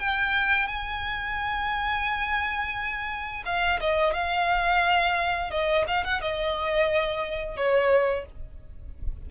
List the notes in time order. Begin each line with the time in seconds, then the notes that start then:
0.00 G5
0.68 G#5
3.46 F5
3.81 D#5
4.14 F5
5.51 D#5
5.88 F5
6.05 F#5
6.22 D#5
7.57 C#5